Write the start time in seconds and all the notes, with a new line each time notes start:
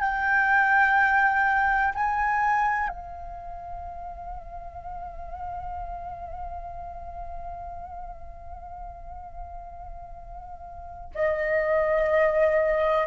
0.00 G5
1.94 G#5
2.89 F5
11.15 D#5